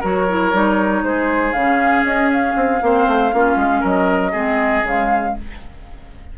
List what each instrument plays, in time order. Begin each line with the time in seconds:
0.00 bassoon F#3, clarinet F#4, oboe A#4, flute C#5
0.29 clarinet E4
0.53 bassoon G3, clarinet D#4
1.03 bassoon G#3, oboe G#4, flute C5
1.53 bassoon C#3, clarinet C#4, flute F5
2.03 bassoon C#4, flute D#5
2.33 flute F5
2.56 bassoon C4
2.81 bassoon A#3, clarinet C4, oboe C5
3.07 bassoon A3
3.32 bassoon A#3, clarinet C#4, oboe F4
3.56 bassoon G#3
3.80 bassoon F#3, oboe A#4, flute D#5
4.32 bassoon G#3, clarinet C4, oboe G#4
4.83 bassoon C#3, clarinet G#3, flute F5